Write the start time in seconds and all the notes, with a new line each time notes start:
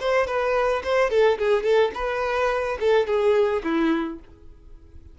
0.00 C5
0.27 B4
0.84 C5
1.10 A4
1.38 G#4
1.63 A4
1.94 B4
2.80 A4
3.07 G#4
3.64 E4